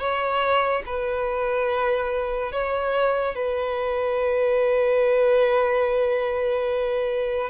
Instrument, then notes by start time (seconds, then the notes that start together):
violin
0.00 C#5
0.87 B4
2.52 C#5
3.36 B4